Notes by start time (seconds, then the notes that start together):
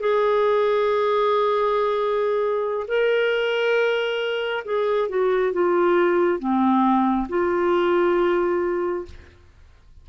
0.00 G#4
2.88 A#4
4.65 G#4
5.09 F#4
5.53 F4
6.39 C4
7.29 F4